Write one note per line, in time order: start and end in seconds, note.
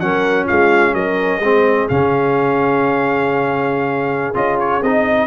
0.00 0.48 F#3
0.00 1.42 C#4
0.00 0.45 A#4
0.00 0.47 F#5
0.45 0.93 G#3
0.45 0.92 F4
0.45 0.94 F5
0.93 1.40 F#3
0.93 1.41 A#4
0.93 1.88 D#5
1.40 1.87 G#3
1.40 1.90 C4
1.40 5.27 G#4
1.89 4.35 C#3
1.89 4.35 C#4
1.89 4.35 F5
4.35 4.82 C#4
4.35 4.81 F4
4.35 4.59 D#5
4.59 4.83 C#5
4.82 5.27 C4
4.82 5.27 D#4
4.82 5.27 D#5